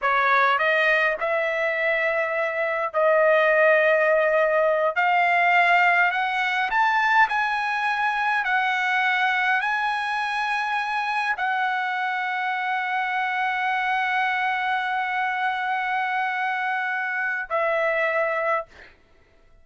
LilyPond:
\new Staff \with { instrumentName = "trumpet" } { \time 4/4 \tempo 4 = 103 cis''4 dis''4 e''2~ | e''4 dis''2.~ | dis''8 f''2 fis''4 a''8~ | a''8 gis''2 fis''4.~ |
fis''8 gis''2. fis''8~ | fis''1~ | fis''1~ | fis''2 e''2 | }